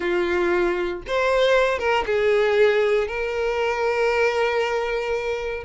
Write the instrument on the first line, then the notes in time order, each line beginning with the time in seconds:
violin
0.00 F4
1.07 C5
1.78 A#4
2.06 G#4
3.07 A#4